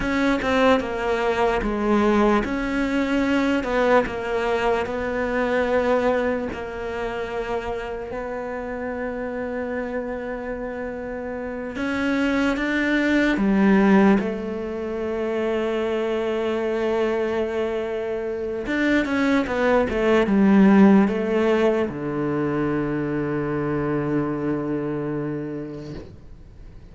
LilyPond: \new Staff \with { instrumentName = "cello" } { \time 4/4 \tempo 4 = 74 cis'8 c'8 ais4 gis4 cis'4~ | cis'8 b8 ais4 b2 | ais2 b2~ | b2~ b8 cis'4 d'8~ |
d'8 g4 a2~ a8~ | a2. d'8 cis'8 | b8 a8 g4 a4 d4~ | d1 | }